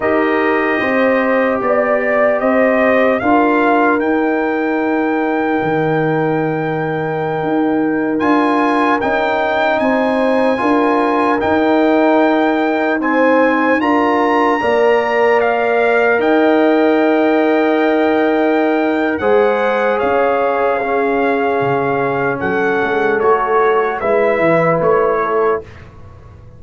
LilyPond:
<<
  \new Staff \with { instrumentName = "trumpet" } { \time 4/4 \tempo 4 = 75 dis''2 d''4 dis''4 | f''4 g''2.~ | g''2~ g''16 gis''4 g''8.~ | g''16 gis''2 g''4.~ g''16~ |
g''16 gis''4 ais''2 f''8.~ | f''16 g''2.~ g''8. | fis''4 f''2. | fis''4 cis''4 e''4 cis''4 | }
  \new Staff \with { instrumentName = "horn" } { \time 4/4 ais'4 c''4 d''4 c''4 | ais'1~ | ais'1~ | ais'16 c''4 ais'2~ ais'8.~ |
ais'16 c''4 ais'4 d''4.~ d''16~ | d''16 dis''2.~ dis''8. | c''4 cis''4 gis'2 | a'2 b'4. a'8 | }
  \new Staff \with { instrumentName = "trombone" } { \time 4/4 g'1 | f'4 dis'2.~ | dis'2~ dis'16 f'4 dis'8.~ | dis'4~ dis'16 f'4 dis'4.~ dis'16~ |
dis'16 c'4 f'4 ais'4.~ ais'16~ | ais'1 | gis'2 cis'2~ | cis'4 fis'4 e'2 | }
  \new Staff \with { instrumentName = "tuba" } { \time 4/4 dis'4 c'4 b4 c'4 | d'4 dis'2 dis4~ | dis4~ dis16 dis'4 d'4 cis'8.~ | cis'16 c'4 d'4 dis'4.~ dis'16~ |
dis'4~ dis'16 d'4 ais4.~ ais16~ | ais16 dis'2.~ dis'8. | gis4 cis'2 cis4 | fis8 gis8 a4 gis8 e8 a4 | }
>>